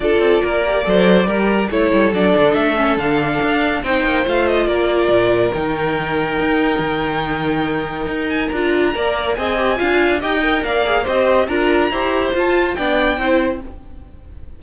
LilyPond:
<<
  \new Staff \with { instrumentName = "violin" } { \time 4/4 \tempo 4 = 141 d''1 | cis''4 d''4 e''4 f''4~ | f''4 g''4 f''8 dis''8 d''4~ | d''4 g''2.~ |
g''2.~ g''8 gis''8 | ais''2 gis''2 | g''4 f''4 dis''4 ais''4~ | ais''4 a''4 g''2 | }
  \new Staff \with { instrumentName = "violin" } { \time 4/4 a'4 ais'4 c''4 ais'4 | a'1~ | a'4 c''2 ais'4~ | ais'1~ |
ais'1~ | ais'4 d''4 dis''4 f''4 | dis''4 d''4 c''4 ais'4 | c''2 d''4 c''4 | }
  \new Staff \with { instrumentName = "viola" } { \time 4/4 f'4. g'8 a'4 g'4 | e'4 d'4. cis'8 d'4~ | d'4 dis'4 f'2~ | f'4 dis'2.~ |
dis'1 | f'4 ais'4 gis'8 g'8 f'4 | g'8 ais'4 gis'8 g'4 f'4 | g'4 f'4 d'4 e'4 | }
  \new Staff \with { instrumentName = "cello" } { \time 4/4 d'8 c'8 ais4 fis4 g4 | a8 g8 fis8 d8 a4 d4 | d'4 c'8 ais8 a4 ais4 | ais,4 dis2 dis'4 |
dis2. dis'4 | d'4 ais4 c'4 d'4 | dis'4 ais4 c'4 d'4 | e'4 f'4 b4 c'4 | }
>>